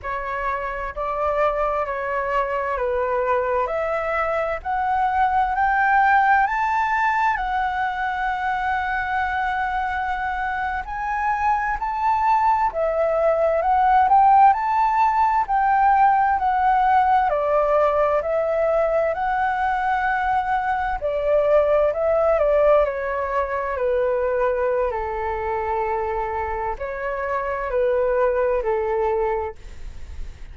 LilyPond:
\new Staff \with { instrumentName = "flute" } { \time 4/4 \tempo 4 = 65 cis''4 d''4 cis''4 b'4 | e''4 fis''4 g''4 a''4 | fis''2.~ fis''8. gis''16~ | gis''8. a''4 e''4 fis''8 g''8 a''16~ |
a''8. g''4 fis''4 d''4 e''16~ | e''8. fis''2 d''4 e''16~ | e''16 d''8 cis''4 b'4~ b'16 a'4~ | a'4 cis''4 b'4 a'4 | }